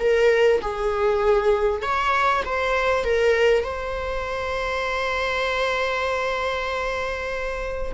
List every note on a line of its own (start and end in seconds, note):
0.00 0.61 A#4
0.62 1.82 G#4
1.82 2.44 C#5
2.45 3.04 C5
3.04 3.64 A#4
3.64 7.93 C5